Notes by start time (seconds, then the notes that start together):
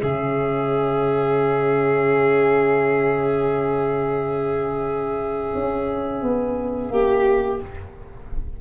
0.00 C#3 C#4 G#4 E5
5.54 C#4
6.22 B3
6.90 A#3 G4